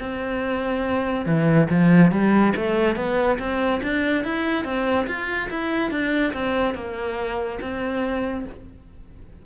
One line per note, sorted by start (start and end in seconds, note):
0.00 1.26 C4
1.26 1.68 E3
1.70 2.12 F3
2.12 2.54 G3
2.57 2.96 A3
2.96 3.38 B3
3.39 3.81 C4
3.83 4.24 D4
4.24 4.65 E4
4.65 5.07 C4
5.07 5.49 F4
5.50 5.91 E4
5.91 6.33 D4
6.34 6.75 C4
6.75 7.59 A#3
7.61 8.46 C4